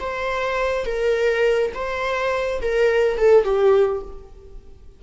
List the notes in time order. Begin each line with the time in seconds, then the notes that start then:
0.00 C5
0.85 A#4
1.75 C5
2.62 A#4
3.18 A4
3.45 G4